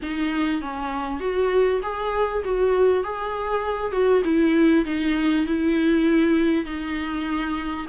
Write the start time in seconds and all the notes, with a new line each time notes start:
0.02 D#4
0.61 C#4
1.20 F#4
1.82 G#4
2.44 F#4
3.03 G#4
3.92 F#4
4.24 E4
4.85 D#4
5.45 E4
6.65 D#4